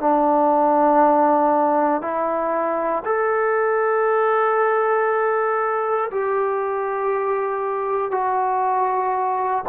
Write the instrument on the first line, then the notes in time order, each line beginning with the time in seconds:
trombone
0.00 D4
2.02 E4
3.06 A4
6.12 G4
8.11 F#4